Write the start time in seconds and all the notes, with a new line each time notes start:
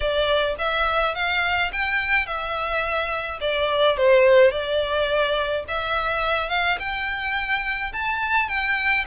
0.00 D5
0.58 E5
1.14 F5
1.72 G5
2.26 E5
3.40 D5
3.97 C5
4.51 D5
5.68 E5
6.49 F5
6.79 G5
7.92 A5
8.48 G5